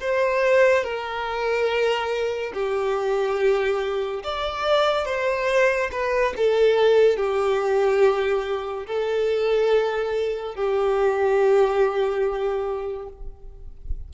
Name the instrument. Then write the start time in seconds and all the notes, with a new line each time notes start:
violin
0.00 C5
0.84 A#4
2.54 G4
4.24 D5
5.06 C5
5.92 B4
6.36 A4
7.17 G4
8.87 A4
10.55 G4